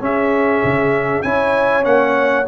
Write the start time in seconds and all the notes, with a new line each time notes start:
0.00 C#4 G#4 E5
0.64 C#3
1.22 C#4 E4 C#5 G#5
1.83 A#3 C#4 F#5